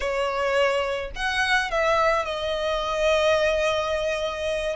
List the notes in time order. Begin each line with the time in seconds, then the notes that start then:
0.00 C#5
1.15 F#5
1.70 E5
2.25 D#5